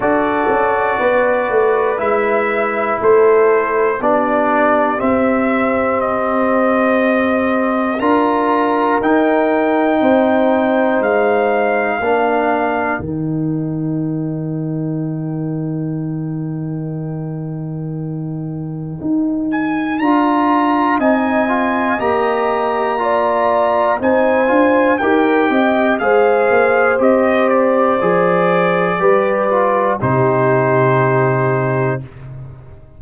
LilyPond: <<
  \new Staff \with { instrumentName = "trumpet" } { \time 4/4 \tempo 4 = 60 d''2 e''4 c''4 | d''4 e''4 dis''2 | ais''4 g''2 f''4~ | f''4 g''2.~ |
g''2.~ g''8 gis''8 | ais''4 gis''4 ais''2 | gis''4 g''4 f''4 dis''8 d''8~ | d''2 c''2 | }
  \new Staff \with { instrumentName = "horn" } { \time 4/4 a'4 b'2 a'4 | g'1 | ais'2 c''2 | ais'1~ |
ais'1~ | ais'4 dis''2 d''4 | c''4 ais'8 dis''8 c''2~ | c''4 b'4 g'2 | }
  \new Staff \with { instrumentName = "trombone" } { \time 4/4 fis'2 e'2 | d'4 c'2. | f'4 dis'2. | d'4 dis'2.~ |
dis'1 | f'4 dis'8 f'8 g'4 f'4 | dis'8 f'8 g'4 gis'4 g'4 | gis'4 g'8 f'8 dis'2 | }
  \new Staff \with { instrumentName = "tuba" } { \time 4/4 d'8 cis'8 b8 a8 gis4 a4 | b4 c'2. | d'4 dis'4 c'4 gis4 | ais4 dis2.~ |
dis2. dis'4 | d'4 c'4 ais2 | c'8 d'8 dis'8 c'8 gis8 ais8 c'4 | f4 g4 c2 | }
>>